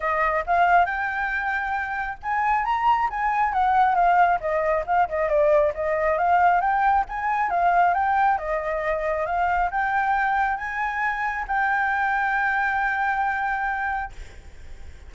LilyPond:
\new Staff \with { instrumentName = "flute" } { \time 4/4 \tempo 4 = 136 dis''4 f''4 g''2~ | g''4 gis''4 ais''4 gis''4 | fis''4 f''4 dis''4 f''8 dis''8 | d''4 dis''4 f''4 g''4 |
gis''4 f''4 g''4 dis''4~ | dis''4 f''4 g''2 | gis''2 g''2~ | g''1 | }